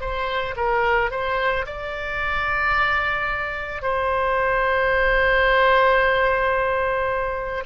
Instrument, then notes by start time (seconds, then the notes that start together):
oboe
0.00 C5
0.57 A#4
1.11 C5
1.66 D5
3.82 C5